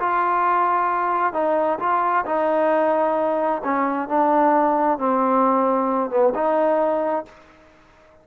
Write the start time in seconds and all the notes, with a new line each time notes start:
0.00 F4
1.33 D#4
1.80 F4
2.26 D#4
3.64 C#4
4.09 D4
4.99 C4
6.11 B3
6.35 D#4